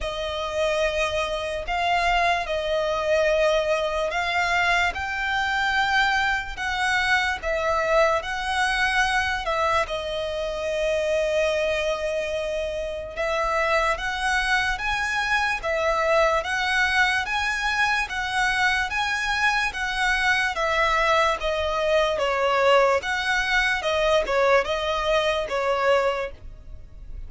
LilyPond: \new Staff \with { instrumentName = "violin" } { \time 4/4 \tempo 4 = 73 dis''2 f''4 dis''4~ | dis''4 f''4 g''2 | fis''4 e''4 fis''4. e''8 | dis''1 |
e''4 fis''4 gis''4 e''4 | fis''4 gis''4 fis''4 gis''4 | fis''4 e''4 dis''4 cis''4 | fis''4 dis''8 cis''8 dis''4 cis''4 | }